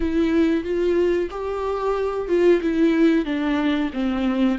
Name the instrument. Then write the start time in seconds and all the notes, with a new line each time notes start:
viola
0.00 E4
0.63 F4
1.30 G4
2.28 F4
2.61 E4
3.25 D4
3.93 C4